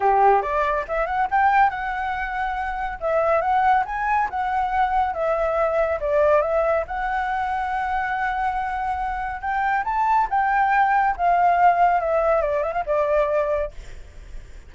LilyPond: \new Staff \with { instrumentName = "flute" } { \time 4/4 \tempo 4 = 140 g'4 d''4 e''8 fis''8 g''4 | fis''2. e''4 | fis''4 gis''4 fis''2 | e''2 d''4 e''4 |
fis''1~ | fis''2 g''4 a''4 | g''2 f''2 | e''4 d''8 e''16 f''16 d''2 | }